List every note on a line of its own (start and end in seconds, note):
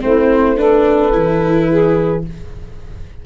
0.00 1.14 A3
0.00 0.56 C4
0.00 0.58 E4
0.00 0.57 C5
0.56 1.12 D4
0.56 1.69 A4
0.56 2.24 B4
1.12 2.25 E3
1.12 2.23 E4
1.69 2.25 G#4